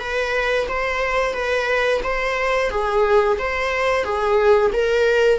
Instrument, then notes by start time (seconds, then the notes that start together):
viola
0.00 B4
0.69 C5
1.34 B4
2.03 C5
2.70 G#4
3.39 C5
4.04 G#4
4.73 A#4